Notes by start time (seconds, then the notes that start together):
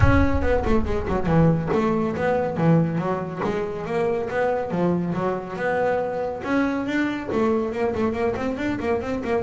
0.00 C#4
0.42 B3
0.65 A3
0.85 G#3
1.08 F#3
1.26 E3
1.73 A3
2.15 B3
2.56 E3
2.98 F#3
3.43 G#3
3.85 A#3
4.29 B3
4.70 F3
5.14 F#3
5.56 B3
6.43 C#4
6.86 D4
7.32 A3
7.72 A#3
7.94 A3
8.12 A#3
8.36 C4
8.57 D4
8.79 A#3
9.01 C4
9.24 A#3